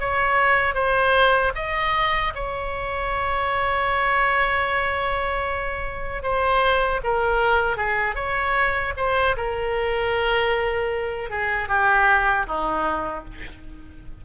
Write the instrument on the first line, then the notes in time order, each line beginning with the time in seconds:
oboe
0.00 C#5
0.75 C5
1.55 D#5
2.35 C#5
6.23 C5
7.04 A#4
7.77 G#4
8.16 C#5
8.98 C5
9.37 A#4
11.30 G#4
11.69 G4
12.47 D#4